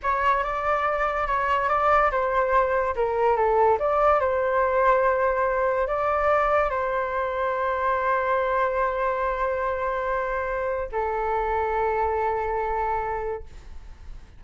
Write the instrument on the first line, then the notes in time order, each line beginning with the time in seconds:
flute
0.02 C#5
0.43 D5
1.27 C#5
1.69 D5
2.11 C5
2.95 A#4
3.36 A4
3.79 D5
4.20 C5
5.87 D5
6.69 C5
10.91 A4